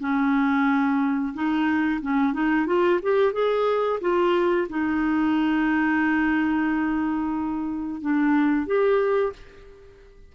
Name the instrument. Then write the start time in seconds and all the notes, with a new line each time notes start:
clarinet
0.00 C#4
1.34 D#4
2.02 C#4
2.33 D#4
2.66 F4
3.02 G4
3.33 G#4
4.01 F4
4.69 D#4
8.01 D4
8.66 G4